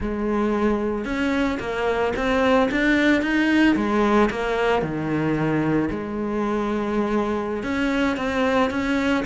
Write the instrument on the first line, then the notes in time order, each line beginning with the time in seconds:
cello
0.00 G#3
1.04 C#4
1.59 A#3
2.16 C4
2.71 D4
3.22 D#4
3.75 G#3
4.30 A#3
4.82 D#3
5.90 G#3
7.63 C#4
8.16 C4
8.70 C#4